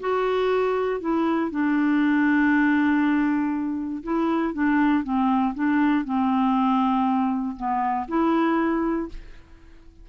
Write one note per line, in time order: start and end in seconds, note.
0.00 1.00 F#4
1.00 1.51 E4
1.51 4.03 D4
4.03 4.53 E4
4.54 5.04 D4
5.04 5.54 C4
5.54 6.05 D4
6.05 7.56 C4
7.56 8.07 B3
8.08 9.09 E4